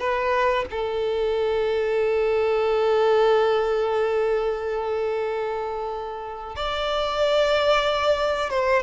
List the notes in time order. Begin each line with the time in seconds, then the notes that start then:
0.00 B4
0.71 A4
6.56 D5
8.50 C5